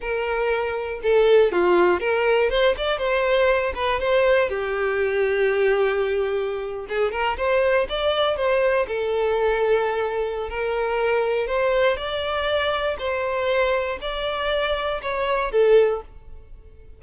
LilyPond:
\new Staff \with { instrumentName = "violin" } { \time 4/4 \tempo 4 = 120 ais'2 a'4 f'4 | ais'4 c''8 d''8 c''4. b'8 | c''4 g'2.~ | g'4.~ g'16 gis'8 ais'8 c''4 d''16~ |
d''8. c''4 a'2~ a'16~ | a'4 ais'2 c''4 | d''2 c''2 | d''2 cis''4 a'4 | }